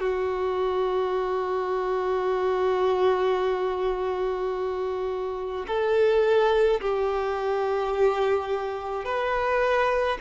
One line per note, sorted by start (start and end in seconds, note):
0.00 5.66 F#4
5.68 6.81 A4
6.81 9.05 G4
9.05 10.18 B4